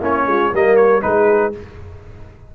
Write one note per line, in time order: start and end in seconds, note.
0.00 0.27 A#3
0.00 0.53 C#4
0.00 0.25 E4
0.00 0.55 C#5
0.27 0.52 G#3
0.27 0.52 F4
0.52 1.04 G3
0.52 1.02 A#3
0.52 1.03 A#4
0.52 0.76 D#5
0.76 1.02 C#5
1.02 1.55 G#3
1.02 1.53 D#4
1.02 1.56 G#4
1.02 1.53 B4